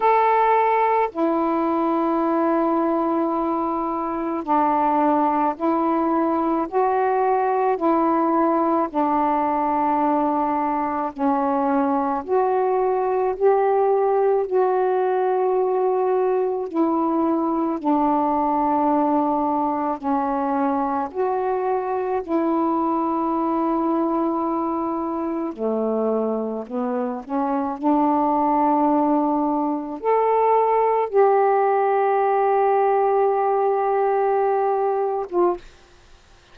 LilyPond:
\new Staff \with { instrumentName = "saxophone" } { \time 4/4 \tempo 4 = 54 a'4 e'2. | d'4 e'4 fis'4 e'4 | d'2 cis'4 fis'4 | g'4 fis'2 e'4 |
d'2 cis'4 fis'4 | e'2. a4 | b8 cis'8 d'2 a'4 | g'2.~ g'8. f'16 | }